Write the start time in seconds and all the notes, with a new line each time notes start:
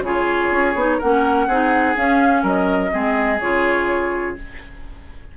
0.00 C#3 F4 G#4 C#5
0.51 C#4
0.74 B3 D#4
0.98 A#3 C#4 A#4 F#5
1.47 C4 D#4 G#4
1.95 C#4 F5
2.42 F#3 A#4 D#5
2.90 G#3 C4 G#4
3.40 C#3 F4 C#5